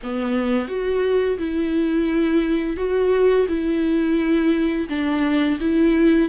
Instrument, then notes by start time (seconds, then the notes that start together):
viola
0.03 B3
0.68 F#4
1.38 E4
2.76 F#4
3.48 E4
4.89 D4
5.59 E4